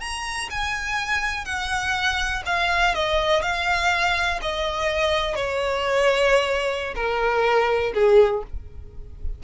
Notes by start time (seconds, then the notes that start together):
0.00 A#5
0.50 G#5
1.45 F#5
2.46 F5
2.95 D#5
3.42 F5
4.42 D#5
5.35 C#5
6.96 A#4
7.94 G#4